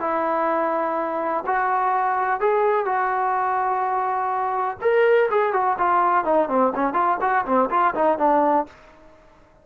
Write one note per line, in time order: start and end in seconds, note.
0.00 1.44 E4
1.46 2.40 F#4
2.40 2.85 G#4
2.85 4.77 F#4
4.81 5.29 A#4
5.30 5.53 G#4
5.53 5.77 F#4
5.78 6.25 F4
6.25 6.48 D#4
6.48 6.72 C4
6.75 6.93 C#4
6.93 7.17 F4
7.21 7.45 F#4
7.45 7.69 C4
7.70 7.94 F4
7.94 8.18 D#4
8.18 8.66 D4